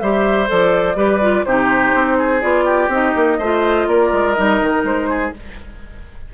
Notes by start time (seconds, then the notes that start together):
0.00 G3 G4 C5 E5
0.47 F3 A4 D5
0.95 G3 G4 B4
1.21 F4
1.45 C3 D#4 G4 C5
1.94 C4
2.18 G#4
2.41 B3 F4 D5
2.65 G4
2.88 C4 D#4 D#5
3.16 A#3
3.39 A3 F4 C5
3.87 A#3 A#4 D5
4.12 G#3
4.33 G3 D#4 D#5
4.61 D#3
4.84 G#3 C5
5.09 G#4